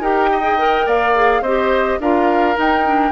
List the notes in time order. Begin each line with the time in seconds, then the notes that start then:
0.00 D#4 G4 A#4 G5
0.32 D#5
0.43 G#4
0.58 A#4
0.86 A#3 D5 F5
1.15 G#4
1.41 C4 G4 C5 D#5
2.00 D4 F4 A#4 F5
2.55 D#4 G5
2.85 D4